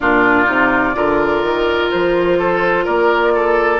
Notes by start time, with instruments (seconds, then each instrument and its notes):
0.00 bassoon A#2, clarinet D4, oboe F4, flute D5
0.45 bassoon C3, clarinet D#4
0.94 bassoon D3, clarinet F4, oboe A#4
1.42 bassoon D#3
1.90 bassoon F3, flute C5
2.38 oboe A4
2.84 bassoon A#3, oboe A#4, flute D5
3.35 oboe A4